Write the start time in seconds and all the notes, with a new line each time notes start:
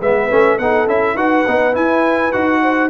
0.00 G#3 B3 B4 E5
0.29 A3 C#4
0.58 B3 D#4 A4 F#5
0.87 C#4 E4 E5
1.14 D#4 F#4 B4 F#5
1.47 B3 D#4
1.73 E4 G#5
2.32 D#4 F#4 F#5
2.62 C5